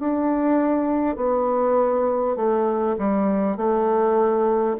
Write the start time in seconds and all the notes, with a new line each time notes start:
0.00 D4
1.17 B3
2.37 A3
2.99 G3
3.57 A3